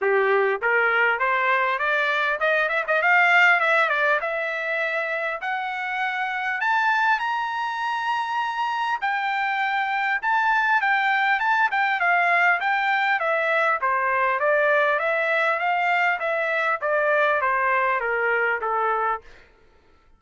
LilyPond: \new Staff \with { instrumentName = "trumpet" } { \time 4/4 \tempo 4 = 100 g'4 ais'4 c''4 d''4 | dis''8 e''16 dis''16 f''4 e''8 d''8 e''4~ | e''4 fis''2 a''4 | ais''2. g''4~ |
g''4 a''4 g''4 a''8 g''8 | f''4 g''4 e''4 c''4 | d''4 e''4 f''4 e''4 | d''4 c''4 ais'4 a'4 | }